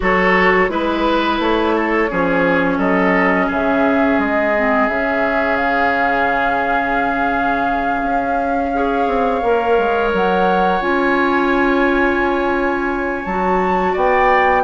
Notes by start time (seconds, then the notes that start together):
0.00 F#3 F#4 A4 C#5
0.69 G#3 E4 B4
1.39 A3 C#5
1.75 A4
2.09 F3 C#4 G#4
2.77 F#3 A4 D#5
3.46 C#3 G#4 E5
4.18 G#3 D#5
4.55 C4
4.88 C#3 C#4 E5
5.56 F5
8.02 C#4
8.73 G#4 C#5
9.06 C4
9.42 A#3 A#4
9.78 G#3
10.13 F#3 F#5
10.81 C#4 F4 G#5
13.24 F#3 F#4 A5
13.92 B3 D5 G5